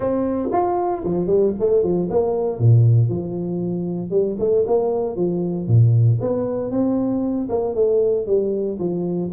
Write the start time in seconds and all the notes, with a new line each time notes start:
0.00 C4
0.51 F4
1.04 F3
1.26 G3
1.59 A3
1.83 F3
2.10 A#3
2.59 A#2
3.09 F3
4.10 G3
4.39 A3
4.66 A#3
5.16 F3
5.67 A#2
6.20 B3
6.71 C4
7.49 A#3
7.74 A3
8.26 G3
8.79 F3